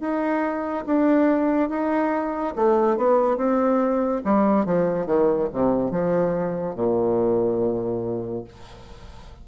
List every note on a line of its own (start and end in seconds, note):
0.00 0.85 D#4
0.86 1.69 D4
1.69 2.54 D#4
2.56 2.97 A3
2.97 3.37 B3
3.37 4.21 C4
4.24 4.65 G3
4.65 5.06 F3
5.06 5.49 D#3
5.52 5.91 C3
5.91 6.75 F3
6.75 8.44 A#2